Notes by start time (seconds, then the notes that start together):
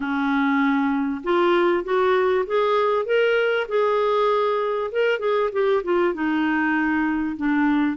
0.00 C#4
1.23 F4
1.83 F#4
2.46 G#4
3.05 A#4
3.68 G#4
4.91 A#4
5.19 G#4
5.52 G4
5.83 F4
6.14 D#4
7.36 D4